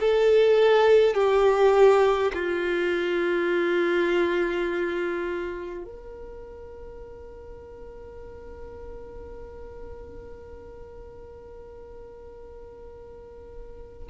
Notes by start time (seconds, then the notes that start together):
0.00 A4
1.14 G4
2.34 F4
5.85 A#4